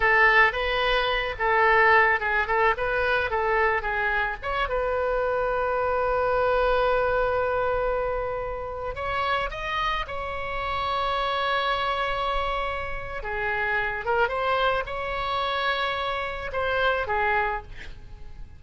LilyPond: \new Staff \with { instrumentName = "oboe" } { \time 4/4 \tempo 4 = 109 a'4 b'4. a'4. | gis'8 a'8 b'4 a'4 gis'4 | cis''8 b'2.~ b'8~ | b'1~ |
b'16 cis''4 dis''4 cis''4.~ cis''16~ | cis''1 | gis'4. ais'8 c''4 cis''4~ | cis''2 c''4 gis'4 | }